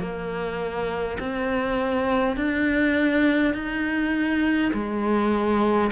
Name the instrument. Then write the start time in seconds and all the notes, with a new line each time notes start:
cello
0.00 A#3
1.20 C4
2.37 D4
3.55 D#4
4.73 G#3